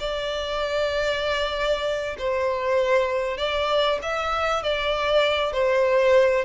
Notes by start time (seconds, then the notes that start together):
0.00 D5
2.18 C5
3.37 D5
4.02 E5
4.63 D5
5.52 C5